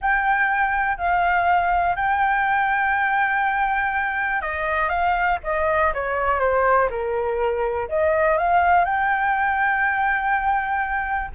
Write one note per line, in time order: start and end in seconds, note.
0.01 0.97 G5
0.97 1.95 F5
1.96 4.42 G5
4.42 4.89 D#5
4.89 5.38 F5
5.43 5.92 D#5
5.94 6.39 C#5
6.39 6.88 C5
6.90 7.88 A#4
7.88 8.37 D#5
8.37 8.85 F5
8.85 11.30 G5